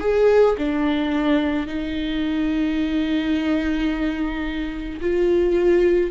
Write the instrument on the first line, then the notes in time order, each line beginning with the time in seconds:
viola
0.00 G#4
0.58 D4
1.67 D#4
5.01 F4